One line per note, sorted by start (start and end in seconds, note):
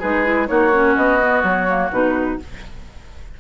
0.00 0.50 G#3
0.00 0.25 D#4
0.00 0.47 G#4
0.00 0.48 B4
0.25 0.47 E4
0.47 0.97 A#3
0.47 0.71 D#4
0.47 2.39 F#4
0.47 0.95 C#5
0.74 1.21 C#4
0.96 1.44 B3
0.96 1.43 D#5
1.21 1.68 B3
1.44 1.91 F#3
1.44 1.91 C#5
1.68 1.91 A#3
1.92 2.39 B2
1.92 2.40 D#4
1.92 2.41 B4